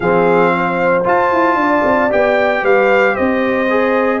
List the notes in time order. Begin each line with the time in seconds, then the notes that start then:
0.00 F3 C4 G#4 F5
0.54 C5
1.04 F4 A5
1.32 E4
1.55 D4 D5
1.84 C4
2.09 B3 G4 G5
2.62 G3 B4 F5
3.13 C4 C5 D#5
3.69 G#4